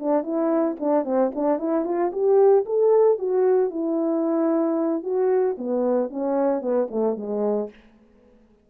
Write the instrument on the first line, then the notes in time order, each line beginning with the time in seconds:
horn
0.00 D4
0.23 E4
0.80 D4
1.05 C4
1.36 D4
1.59 E4
1.85 F4
2.13 G4
2.66 A4
3.19 F#4
3.71 E4
5.03 F#4
5.58 B3
6.10 C#4
6.62 B3
6.91 A3
7.17 G#3